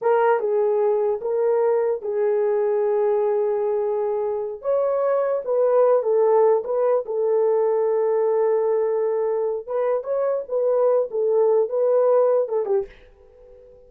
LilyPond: \new Staff \with { instrumentName = "horn" } { \time 4/4 \tempo 4 = 149 ais'4 gis'2 ais'4~ | ais'4 gis'2.~ | gis'2.~ gis'8 cis''8~ | cis''4. b'4. a'4~ |
a'8 b'4 a'2~ a'8~ | a'1 | b'4 cis''4 b'4. a'8~ | a'4 b'2 a'8 g'8 | }